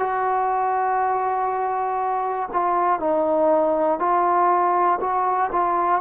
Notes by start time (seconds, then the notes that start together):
0.00 F#4
2.53 F4
3.00 D#4
4.00 F4
5.01 F#4
5.53 F4